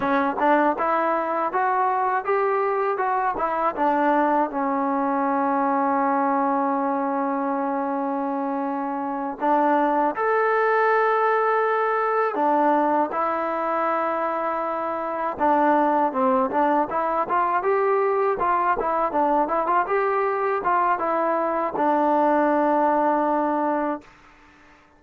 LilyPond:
\new Staff \with { instrumentName = "trombone" } { \time 4/4 \tempo 4 = 80 cis'8 d'8 e'4 fis'4 g'4 | fis'8 e'8 d'4 cis'2~ | cis'1~ | cis'8 d'4 a'2~ a'8~ |
a'8 d'4 e'2~ e'8~ | e'8 d'4 c'8 d'8 e'8 f'8 g'8~ | g'8 f'8 e'8 d'8 e'16 f'16 g'4 f'8 | e'4 d'2. | }